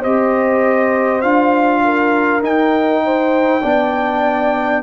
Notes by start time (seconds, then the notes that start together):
0.00 C4 G4 C5 D#5
1.22 D4 F4 F5
1.84 A#4
2.42 D#4 G5
3.05 C5
3.62 B3 D4 D5